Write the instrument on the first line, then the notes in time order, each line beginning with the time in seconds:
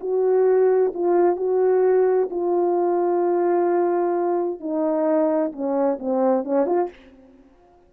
horn
0.00 F#4
0.94 F4
1.36 F#4
2.30 F4
4.60 D#4
5.52 C#4
5.99 C4
6.44 C#4
6.66 F4